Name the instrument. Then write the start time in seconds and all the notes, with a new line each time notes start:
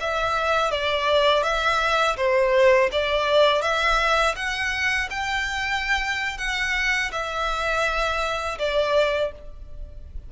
violin
0.00 E5
0.71 D5
1.43 E5
2.17 C5
2.92 D5
3.62 E5
4.36 F#5
5.10 G5
6.38 F#5
7.11 E5
8.58 D5